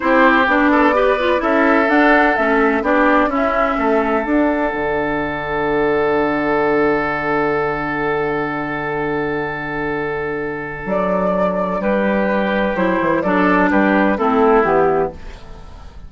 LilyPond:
<<
  \new Staff \with { instrumentName = "flute" } { \time 4/4 \tempo 4 = 127 c''4 d''2 e''4 | fis''4 e''4 d''4 e''4~ | e''4 fis''2.~ | fis''1~ |
fis''1~ | fis''2. d''4~ | d''4 b'2 c''4 | d''4 b'4 a'4 g'4 | }
  \new Staff \with { instrumentName = "oboe" } { \time 4/4 g'4. a'8 b'4 a'4~ | a'2 g'4 e'4 | a'1~ | a'1~ |
a'1~ | a'1~ | a'4 g'2. | a'4 g'4 e'2 | }
  \new Staff \with { instrumentName = "clarinet" } { \time 4/4 e'4 d'4 g'8 f'8 e'4 | d'4 cis'4 d'4 cis'4~ | cis'4 d'2.~ | d'1~ |
d'1~ | d'1~ | d'2. e'4 | d'2 c'4 b4 | }
  \new Staff \with { instrumentName = "bassoon" } { \time 4/4 c'4 b2 cis'4 | d'4 a4 b4 cis'4 | a4 d'4 d2~ | d1~ |
d1~ | d2. fis4~ | fis4 g2 fis8 e8 | fis4 g4 a4 e4 | }
>>